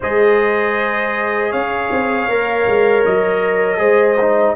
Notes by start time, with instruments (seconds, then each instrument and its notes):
0.00 tuba G#3, trombone G#4, horn C5, trumpet D#5
1.50 tuba C#4, horn C#5, trumpet F5
1.91 tuba C4
2.28 tuba A#3, trombone A#4
2.66 tuba G#3
3.05 tuba F#3, trumpet D#5
3.77 tuba G#3, trombone G#4, horn C5
4.21 trombone D#4